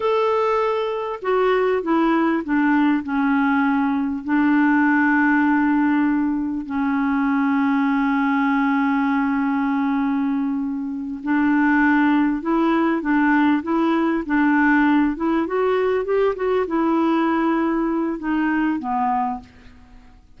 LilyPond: \new Staff \with { instrumentName = "clarinet" } { \time 4/4 \tempo 4 = 99 a'2 fis'4 e'4 | d'4 cis'2 d'4~ | d'2. cis'4~ | cis'1~ |
cis'2~ cis'8 d'4.~ | d'8 e'4 d'4 e'4 d'8~ | d'4 e'8 fis'4 g'8 fis'8 e'8~ | e'2 dis'4 b4 | }